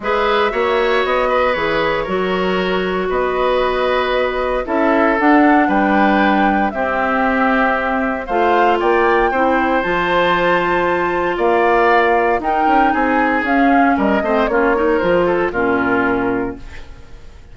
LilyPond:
<<
  \new Staff \with { instrumentName = "flute" } { \time 4/4 \tempo 4 = 116 e''2 dis''4 cis''4~ | cis''2 dis''2~ | dis''4 e''4 fis''4 g''4~ | g''4 e''2. |
f''4 g''2 a''4~ | a''2 f''2 | g''4 gis''4 f''4 dis''4 | cis''4 c''4 ais'2 | }
  \new Staff \with { instrumentName = "oboe" } { \time 4/4 b'4 cis''4. b'4. | ais'2 b'2~ | b'4 a'2 b'4~ | b'4 g'2. |
c''4 d''4 c''2~ | c''2 d''2 | ais'4 gis'2 ais'8 c''8 | f'8 ais'4 a'8 f'2 | }
  \new Staff \with { instrumentName = "clarinet" } { \time 4/4 gis'4 fis'2 gis'4 | fis'1~ | fis'4 e'4 d'2~ | d'4 c'2. |
f'2 e'4 f'4~ | f'1 | dis'2 cis'4. c'8 | cis'8 dis'8 f'4 cis'2 | }
  \new Staff \with { instrumentName = "bassoon" } { \time 4/4 gis4 ais4 b4 e4 | fis2 b2~ | b4 cis'4 d'4 g4~ | g4 c'2. |
a4 ais4 c'4 f4~ | f2 ais2 | dis'8 cis'8 c'4 cis'4 g8 a8 | ais4 f4 ais,2 | }
>>